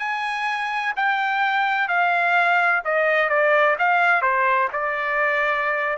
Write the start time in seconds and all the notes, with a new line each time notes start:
0.00 G#5
0.97 G5
1.89 F5
2.85 D#5
3.30 D5
3.79 F5
4.22 C5
4.73 D5